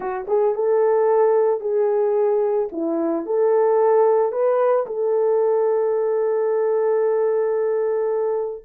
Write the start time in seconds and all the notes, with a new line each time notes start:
0.00 F#4
0.27 G#4
0.54 A4
1.60 G#4
2.71 E4
3.26 A4
4.31 B4
4.86 A4